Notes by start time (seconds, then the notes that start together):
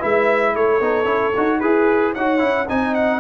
0.00 G#3 E4 B4 E5
0.55 A3 A4 C#5
0.81 B3 D#4
1.05 C#4 E4
1.37 D#4 F#4
1.59 E4 G#4 B4
2.13 D#4 F#4 C#5 F#5
2.39 C#4 E4
2.69 C4 D#4 D#5 G#5
2.95 F#5